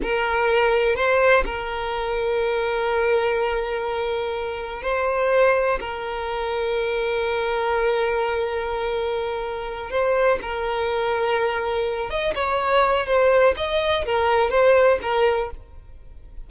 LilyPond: \new Staff \with { instrumentName = "violin" } { \time 4/4 \tempo 4 = 124 ais'2 c''4 ais'4~ | ais'1~ | ais'2 c''2 | ais'1~ |
ais'1~ | ais'8 c''4 ais'2~ ais'8~ | ais'4 dis''8 cis''4. c''4 | dis''4 ais'4 c''4 ais'4 | }